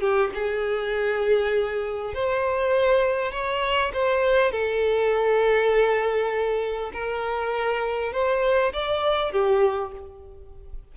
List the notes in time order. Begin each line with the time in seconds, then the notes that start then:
0.00 G4
0.34 G#4
2.14 C5
3.31 C#5
3.93 C5
4.51 A4
6.93 A#4
8.12 C5
8.73 D5
9.31 G4